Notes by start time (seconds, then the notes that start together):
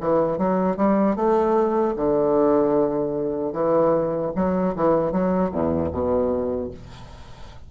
0.00 E3
0.38 F#3
0.76 G3
1.16 A3
1.96 D3
3.53 E3
4.35 F#3
4.75 E3
5.12 F#3
5.51 E2
5.92 B2